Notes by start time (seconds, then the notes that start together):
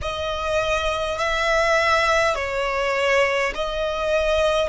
0.01 D#5
1.18 E5
2.35 C#5
3.55 D#5